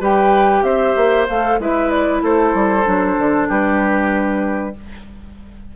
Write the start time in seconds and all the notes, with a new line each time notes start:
0.00 G3 G4 B4 G5
0.62 C4 C5 E5
0.96 A#3
1.28 A3 A4 F5
1.59 G#3 E4 B4 E5
1.90 D5
2.22 A3 A4 C5
2.54 G3
2.84 F#3 D4
3.18 D3
3.49 G3 G4 B4